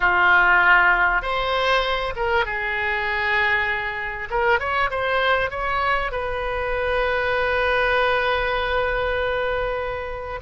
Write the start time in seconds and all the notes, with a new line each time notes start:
0.00 F4
1.22 C5
2.15 A#4
2.45 G#4
4.30 A#4
4.59 C#5
4.90 C5
5.50 C#5
6.11 B4